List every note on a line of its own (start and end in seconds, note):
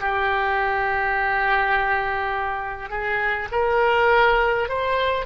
0.00 2.90 G4
2.90 3.49 G#4
3.51 4.69 A#4
4.69 5.26 C5